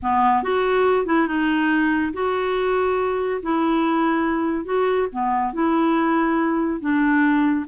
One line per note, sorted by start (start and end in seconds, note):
0.02 0.43 B3
0.43 1.06 F#4
1.06 1.27 E4
1.27 2.12 D#4
2.13 3.41 F#4
3.42 4.64 E4
4.64 5.07 F#4
5.12 5.53 B3
5.53 6.80 E4
6.80 7.65 D4